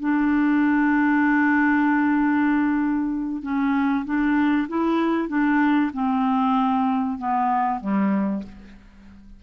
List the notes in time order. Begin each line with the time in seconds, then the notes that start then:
0.00 D4
3.42 C#4
4.05 D4
4.68 E4
5.28 D4
5.93 C4
7.18 B3
7.80 G3